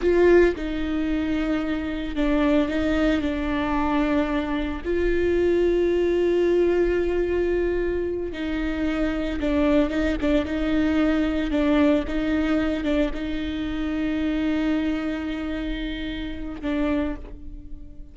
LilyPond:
\new Staff \with { instrumentName = "viola" } { \time 4/4 \tempo 4 = 112 f'4 dis'2. | d'4 dis'4 d'2~ | d'4 f'2.~ | f'2.~ f'8 dis'8~ |
dis'4. d'4 dis'8 d'8 dis'8~ | dis'4. d'4 dis'4. | d'8 dis'2.~ dis'8~ | dis'2. d'4 | }